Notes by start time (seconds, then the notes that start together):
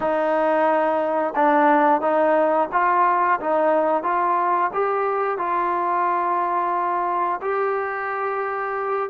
0.00 D#4
1.35 D4
2.01 D#4
2.72 F4
3.40 D#4
4.03 F4
4.73 G4
5.38 F4
7.41 G4